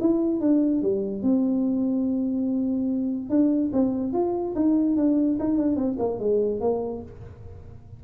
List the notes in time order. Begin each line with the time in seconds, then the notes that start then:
0.00 E4
0.40 D4
0.82 G3
1.22 C4
3.30 D4
3.73 C4
4.13 F4
4.55 D#4
4.96 D4
5.39 D#4
5.57 D4
5.76 C4
5.99 A#3
6.19 G#3
6.60 A#3